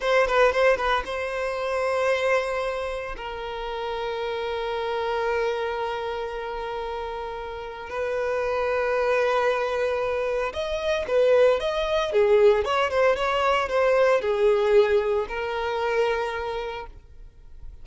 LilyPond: \new Staff \with { instrumentName = "violin" } { \time 4/4 \tempo 4 = 114 c''8 b'8 c''8 b'8 c''2~ | c''2 ais'2~ | ais'1~ | ais'2. b'4~ |
b'1 | dis''4 b'4 dis''4 gis'4 | cis''8 c''8 cis''4 c''4 gis'4~ | gis'4 ais'2. | }